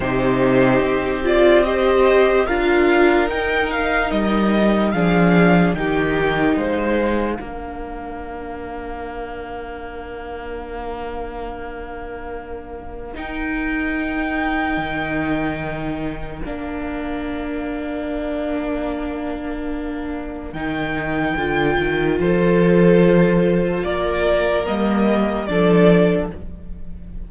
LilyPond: <<
  \new Staff \with { instrumentName = "violin" } { \time 4/4 \tempo 4 = 73 c''4. d''8 dis''4 f''4 | g''8 f''8 dis''4 f''4 g''4 | f''1~ | f''1 |
g''1 | f''1~ | f''4 g''2 c''4~ | c''4 d''4 dis''4 d''4 | }
  \new Staff \with { instrumentName = "violin" } { \time 4/4 g'2 c''4 ais'4~ | ais'2 gis'4 g'4 | c''4 ais'2.~ | ais'1~ |
ais'1~ | ais'1~ | ais'2. a'4~ | a'4 ais'2 a'4 | }
  \new Staff \with { instrumentName = "viola" } { \time 4/4 dis'4. f'8 g'4 f'4 | dis'2 d'4 dis'4~ | dis'4 d'2.~ | d'1 |
dis'1 | d'1~ | d'4 dis'4 f'2~ | f'2 ais4 d'4 | }
  \new Staff \with { instrumentName = "cello" } { \time 4/4 c4 c'2 d'4 | dis'4 g4 f4 dis4 | gis4 ais2.~ | ais1 |
dis'2 dis2 | ais1~ | ais4 dis4 d8 dis8 f4~ | f4 ais4 g4 f4 | }
>>